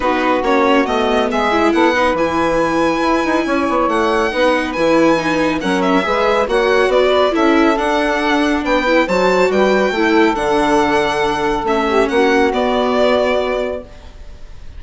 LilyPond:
<<
  \new Staff \with { instrumentName = "violin" } { \time 4/4 \tempo 4 = 139 b'4 cis''4 dis''4 e''4 | fis''4 gis''2.~ | gis''4 fis''2 gis''4~ | gis''4 fis''8 e''4. fis''4 |
d''4 e''4 fis''2 | g''4 a''4 g''2 | fis''2. e''4 | fis''4 d''2. | }
  \new Staff \with { instrumentName = "saxophone" } { \time 4/4 fis'2. gis'4 | a'8 b'2.~ b'8 | cis''2 b'2~ | b'4 ais'4 b'4 cis''4 |
b'4 a'2. | b'4 c''4 b'4 a'4~ | a'2.~ a'8 g'8 | fis'1 | }
  \new Staff \with { instrumentName = "viola" } { \time 4/4 dis'4 cis'4 b4. e'8~ | e'8 dis'8 e'2.~ | e'2 dis'4 e'4 | dis'4 cis'4 gis'4 fis'4~ |
fis'4 e'4 d'2~ | d'8 e'8 fis'2 e'4 | d'2. cis'4~ | cis'4 b2. | }
  \new Staff \with { instrumentName = "bassoon" } { \time 4/4 b4 ais4 a4 gis4 | b4 e2 e'8 dis'8 | cis'8 b8 a4 b4 e4~ | e4 fis4 gis4 ais4 |
b4 cis'4 d'2 | b4 fis4 g4 a4 | d2. a4 | ais4 b2. | }
>>